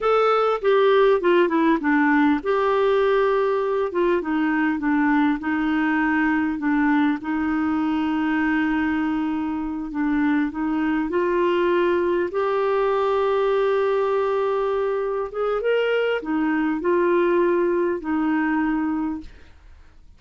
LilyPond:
\new Staff \with { instrumentName = "clarinet" } { \time 4/4 \tempo 4 = 100 a'4 g'4 f'8 e'8 d'4 | g'2~ g'8 f'8 dis'4 | d'4 dis'2 d'4 | dis'1~ |
dis'8 d'4 dis'4 f'4.~ | f'8 g'2.~ g'8~ | g'4. gis'8 ais'4 dis'4 | f'2 dis'2 | }